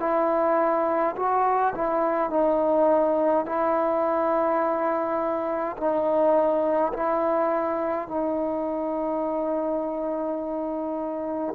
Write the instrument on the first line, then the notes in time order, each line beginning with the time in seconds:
trombone
0.00 E4
1.16 F#4
1.75 E4
2.30 D#4
3.46 E4
5.77 D#4
6.93 E4
8.09 D#4